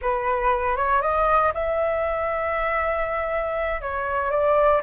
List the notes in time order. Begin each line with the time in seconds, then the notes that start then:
0.01 B4
0.76 C#5
1.01 D#5
1.54 E5
3.81 C#5
4.30 D5